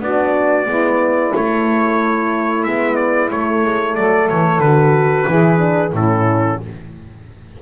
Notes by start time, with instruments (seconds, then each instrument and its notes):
0.00 double bass B3, horn D4, saxophone F#4, trumpet D5
0.66 double bass G#3, horn B3, saxophone E4
1.32 horn A3, double bass A3, trumpet C#5
2.64 double bass G#3, horn B3, trumpet E5
2.96 trumpet D5
3.31 horn A3, double bass A3, trumpet C#5
3.64 double bass G#3
3.95 double bass F#3, saxophone A4, trumpet D5
4.29 double bass E3, trumpet C#5
4.59 double bass D3, horn F#4, trumpet B4
5.27 double bass E3, horn E4, saxophone G#4
5.57 horn D4
5.93 double bass A2, horn C#4, saxophone E4, trumpet A4